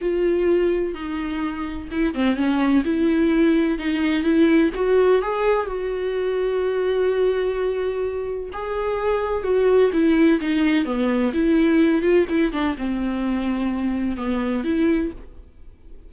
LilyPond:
\new Staff \with { instrumentName = "viola" } { \time 4/4 \tempo 4 = 127 f'2 dis'2 | e'8 c'8 cis'4 e'2 | dis'4 e'4 fis'4 gis'4 | fis'1~ |
fis'2 gis'2 | fis'4 e'4 dis'4 b4 | e'4. f'8 e'8 d'8 c'4~ | c'2 b4 e'4 | }